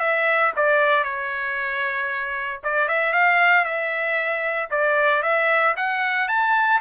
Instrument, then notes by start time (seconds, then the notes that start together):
trumpet
0.00 E5
0.56 D5
1.04 C#5
2.64 D5
2.88 E5
3.13 F5
3.65 E5
4.71 D5
5.23 E5
5.77 F#5
6.28 A5